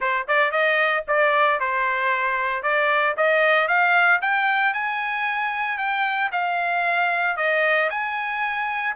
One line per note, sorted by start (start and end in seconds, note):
0.00 0.27 C5
0.27 0.51 D5
0.51 1.04 D#5
1.07 1.60 D5
1.60 2.62 C5
2.62 3.15 D5
3.16 3.67 D#5
3.67 4.20 F5
4.21 4.73 G5
4.73 5.78 G#5
5.78 6.30 G5
6.32 7.36 F5
7.36 7.89 D#5
7.89 8.95 G#5